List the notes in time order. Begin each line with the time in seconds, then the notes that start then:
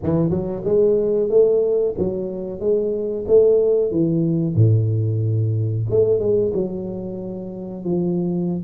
0.03 E3
0.30 F#3
0.64 G#3
1.29 A3
1.98 F#3
2.60 G#3
3.27 A3
3.91 E3
4.55 A2
5.89 A3
6.19 G#3
6.53 F#3
7.84 F3